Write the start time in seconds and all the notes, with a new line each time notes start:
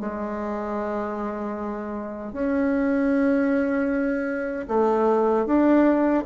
0.00 G#3
2.33 C#4
4.68 A3
5.45 D4